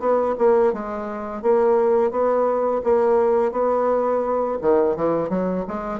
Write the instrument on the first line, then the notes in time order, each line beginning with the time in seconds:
bassoon
0.00 B3
0.39 A#3
0.73 G#3
1.42 A#3
2.11 B3
2.84 A#3
3.52 B3
4.62 D#3
4.96 E3
5.30 F#3
5.68 G#3